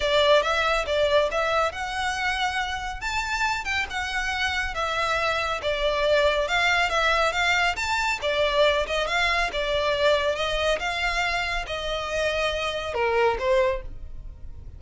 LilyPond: \new Staff \with { instrumentName = "violin" } { \time 4/4 \tempo 4 = 139 d''4 e''4 d''4 e''4 | fis''2. a''4~ | a''8 g''8 fis''2 e''4~ | e''4 d''2 f''4 |
e''4 f''4 a''4 d''4~ | d''8 dis''8 f''4 d''2 | dis''4 f''2 dis''4~ | dis''2 ais'4 c''4 | }